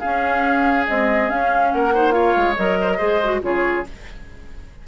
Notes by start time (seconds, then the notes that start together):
0.00 C#4 G#4 F5
0.88 G#3 C4 D#5
1.28 C#4 F5
1.72 A#3 A#4 F#5
1.94 D#4 C5
2.12 F4 C#5 F5
2.36 G#3
2.57 F#3 A#4 D#5
2.82 C5
2.91 A#4
2.98 G#3 G#4 C5
3.24 F#4
3.42 C#3 F4 G#4 C#5